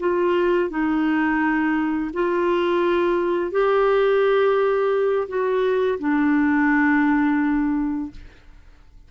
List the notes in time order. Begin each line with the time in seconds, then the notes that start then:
0.00 F4
0.70 D#4
2.14 F4
3.52 G4
5.28 F#4
5.99 D4